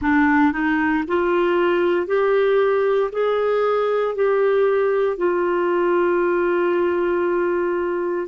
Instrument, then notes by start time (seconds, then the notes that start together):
clarinet
0.01 D4
0.52 D#4
1.07 F4
2.06 G4
3.12 G#4
4.15 G4
5.17 F4